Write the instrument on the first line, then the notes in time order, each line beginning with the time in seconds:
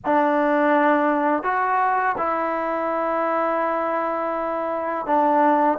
trombone
0.05 D4
1.43 F#4
2.17 E4
5.06 D4